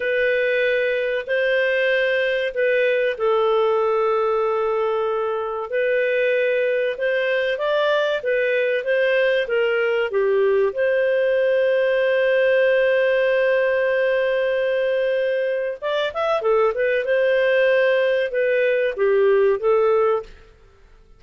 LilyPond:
\new Staff \with { instrumentName = "clarinet" } { \time 4/4 \tempo 4 = 95 b'2 c''2 | b'4 a'2.~ | a'4 b'2 c''4 | d''4 b'4 c''4 ais'4 |
g'4 c''2.~ | c''1~ | c''4 d''8 e''8 a'8 b'8 c''4~ | c''4 b'4 g'4 a'4 | }